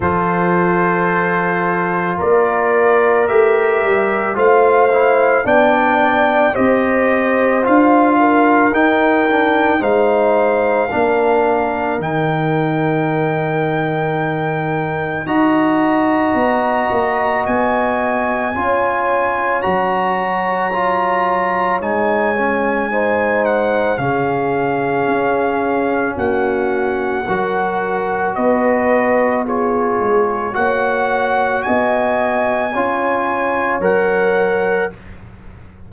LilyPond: <<
  \new Staff \with { instrumentName = "trumpet" } { \time 4/4 \tempo 4 = 55 c''2 d''4 e''4 | f''4 g''4 dis''4 f''4 | g''4 f''2 g''4~ | g''2 ais''2 |
gis''2 ais''2 | gis''4. fis''8 f''2 | fis''2 dis''4 cis''4 | fis''4 gis''2 fis''4 | }
  \new Staff \with { instrumentName = "horn" } { \time 4/4 a'2 ais'2 | c''4 d''4 c''4. ais'8~ | ais'4 c''4 ais'2~ | ais'2 dis''2~ |
dis''4 cis''2.~ | cis''4 c''4 gis'2 | fis'4 ais'4 b'4 gis'4 | cis''4 dis''4 cis''2 | }
  \new Staff \with { instrumentName = "trombone" } { \time 4/4 f'2. g'4 | f'8 e'8 d'4 g'4 f'4 | dis'8 d'8 dis'4 d'4 dis'4~ | dis'2 fis'2~ |
fis'4 f'4 fis'4 f'4 | dis'8 cis'8 dis'4 cis'2~ | cis'4 fis'2 f'4 | fis'2 f'4 ais'4 | }
  \new Staff \with { instrumentName = "tuba" } { \time 4/4 f2 ais4 a8 g8 | a4 b4 c'4 d'4 | dis'4 gis4 ais4 dis4~ | dis2 dis'4 b8 ais8 |
b4 cis'4 fis2 | gis2 cis4 cis'4 | ais4 fis4 b4. gis8 | ais4 b4 cis'4 fis4 | }
>>